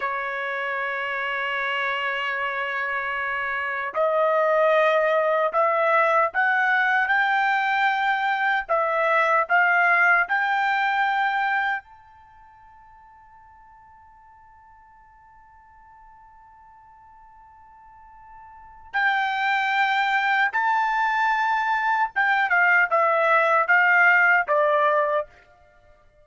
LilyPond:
\new Staff \with { instrumentName = "trumpet" } { \time 4/4 \tempo 4 = 76 cis''1~ | cis''4 dis''2 e''4 | fis''4 g''2 e''4 | f''4 g''2 a''4~ |
a''1~ | a''1 | g''2 a''2 | g''8 f''8 e''4 f''4 d''4 | }